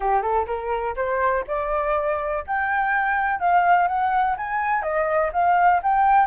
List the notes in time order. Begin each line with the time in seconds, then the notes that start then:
0.00 G4
0.22 A4
0.46 A#4
0.95 C5
1.47 D5
2.46 G5
3.39 F5
3.87 F#5
4.37 G#5
4.82 D#5
5.32 F5
5.82 G5